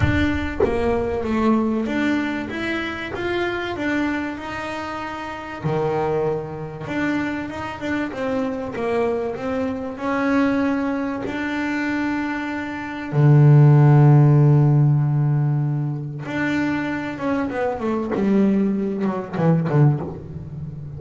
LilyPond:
\new Staff \with { instrumentName = "double bass" } { \time 4/4 \tempo 4 = 96 d'4 ais4 a4 d'4 | e'4 f'4 d'4 dis'4~ | dis'4 dis2 d'4 | dis'8 d'8 c'4 ais4 c'4 |
cis'2 d'2~ | d'4 d2.~ | d2 d'4. cis'8 | b8 a8 g4. fis8 e8 d8 | }